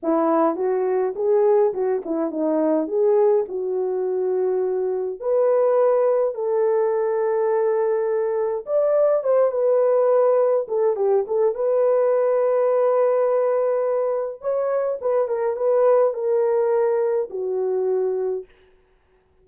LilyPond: \new Staff \with { instrumentName = "horn" } { \time 4/4 \tempo 4 = 104 e'4 fis'4 gis'4 fis'8 e'8 | dis'4 gis'4 fis'2~ | fis'4 b'2 a'4~ | a'2. d''4 |
c''8 b'2 a'8 g'8 a'8 | b'1~ | b'4 cis''4 b'8 ais'8 b'4 | ais'2 fis'2 | }